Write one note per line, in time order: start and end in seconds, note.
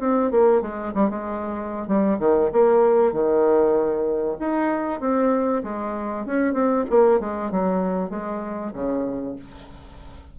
0.00 0.31 C4
0.31 0.61 A#3
0.61 0.93 G#3
0.94 1.10 G3
1.10 1.88 G#3
1.88 2.19 G3
2.19 2.51 D#3
2.52 3.12 A#3
3.12 4.38 D#3
4.39 5.00 D#4
5.00 5.62 C4
5.64 6.26 G#3
6.26 6.53 C#4
6.53 6.85 C4
6.90 7.20 A#3
7.20 7.51 G#3
7.51 8.10 F#3
8.10 8.72 G#3
8.73 9.36 C#3